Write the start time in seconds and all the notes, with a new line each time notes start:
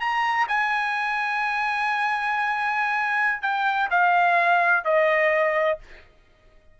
0.00 A#5
0.48 G#5
3.42 G5
3.90 F5
4.84 D#5